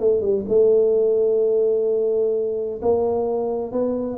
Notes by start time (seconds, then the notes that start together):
0.00 A3
0.21 G3
0.48 A3
2.82 A#3
3.72 B3